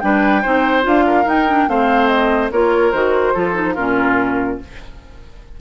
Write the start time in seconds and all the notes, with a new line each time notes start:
0.00 G3 D4 B4 G5
0.42 C4 D#4 C5
0.83 D4 F4 F5
1.07 A#4
1.25 D#4 G5
1.48 D4
1.68 A3 C4 C5 F5
2.08 D#5
2.51 A#3 F4 A#4 C#5
2.92 D#3 F#4 C5
3.34 F3 F4 A4
3.54 D#4
3.74 A#2 C#4 F4 A#4